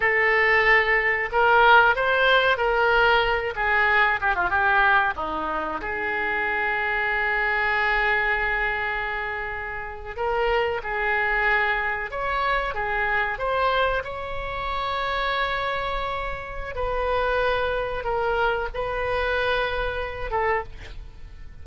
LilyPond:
\new Staff \with { instrumentName = "oboe" } { \time 4/4 \tempo 4 = 93 a'2 ais'4 c''4 | ais'4. gis'4 g'16 f'16 g'4 | dis'4 gis'2.~ | gis'2.~ gis'8. ais'16~ |
ais'8. gis'2 cis''4 gis'16~ | gis'8. c''4 cis''2~ cis''16~ | cis''2 b'2 | ais'4 b'2~ b'8 a'8 | }